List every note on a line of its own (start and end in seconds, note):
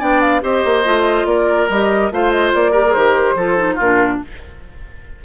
0.00 0.43 B3
0.00 0.42 D4
0.00 0.42 D5
0.00 0.21 G5
0.21 0.42 F5
0.42 0.64 C4
0.42 0.84 G4
0.42 1.27 C5
0.42 1.27 D#5
0.65 0.86 A#3
0.85 1.26 A3
0.85 1.69 F4
1.26 1.68 A#3
1.26 2.13 A#4
1.26 1.69 D5
1.70 2.11 G3
1.70 2.12 G4
1.70 2.12 D#5
2.11 2.53 A3
2.11 2.74 F4
2.11 2.72 C5
2.11 2.32 F5
2.32 2.53 D#5
2.54 2.95 A#3
2.54 2.93 D5
2.72 2.84 G4
2.72 3.35 A#4
2.87 2.97 G#4
2.93 3.35 D#3
2.93 3.38 G4
2.93 3.77 C5
3.35 3.77 F3
3.35 3.58 F4
3.35 3.75 A4
3.58 3.79 D#4
3.75 4.22 A#2
3.75 4.17 F4
3.75 4.22 A#4
3.83 4.25 D4